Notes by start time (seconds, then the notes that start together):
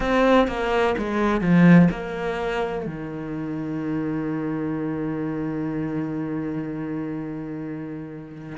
0.00 C4
0.47 A#3
0.97 G#3
1.40 F3
1.90 A#3
2.86 D#3